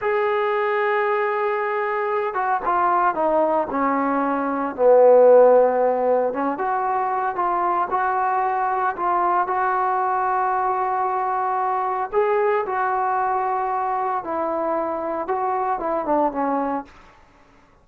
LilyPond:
\new Staff \with { instrumentName = "trombone" } { \time 4/4 \tempo 4 = 114 gis'1~ | gis'8 fis'8 f'4 dis'4 cis'4~ | cis'4 b2. | cis'8 fis'4. f'4 fis'4~ |
fis'4 f'4 fis'2~ | fis'2. gis'4 | fis'2. e'4~ | e'4 fis'4 e'8 d'8 cis'4 | }